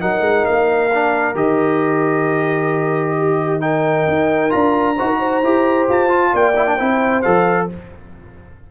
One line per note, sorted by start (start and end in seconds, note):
0.00 0.21 F#3
0.00 0.90 D#4
0.00 3.17 A#4
0.00 0.45 F#5
0.21 0.43 G#3
0.45 1.35 A#3
0.45 1.35 F5
0.93 1.34 D4
1.34 4.05 D#3
1.34 3.60 G4
1.34 3.61 D#5
3.18 3.62 G4
3.60 4.50 D#4
3.60 4.96 A#4
3.60 4.51 G5
4.08 4.53 D#4
4.50 4.99 D4
4.50 4.95 F4
4.50 5.86 A#5
4.96 5.42 D#4
4.96 5.43 F#4
4.96 5.06 C5
5.06 5.17 A#4
5.19 6.32 C5
5.42 5.87 E4
5.42 6.08 G4
5.88 6.34 F4
5.88 6.35 A5
6.08 6.53 F4
6.33 6.79 A#3
6.33 6.75 D5
6.33 7.22 G5
6.56 6.66 E4
6.66 6.78 D4
6.75 7.25 C4
6.75 7.23 E4
6.75 7.66 C5
7.22 7.71 F3
7.22 7.69 A4
7.22 7.67 F5